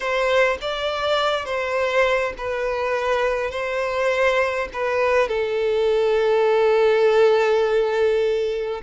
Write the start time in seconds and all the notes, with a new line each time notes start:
0.00 C5
0.61 D5
1.45 C5
2.37 B4
3.51 C5
4.73 B4
5.28 A4